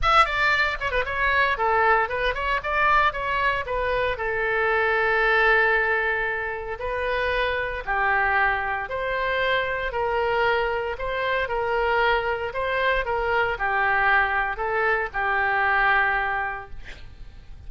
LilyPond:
\new Staff \with { instrumentName = "oboe" } { \time 4/4 \tempo 4 = 115 e''8 d''4 cis''16 b'16 cis''4 a'4 | b'8 cis''8 d''4 cis''4 b'4 | a'1~ | a'4 b'2 g'4~ |
g'4 c''2 ais'4~ | ais'4 c''4 ais'2 | c''4 ais'4 g'2 | a'4 g'2. | }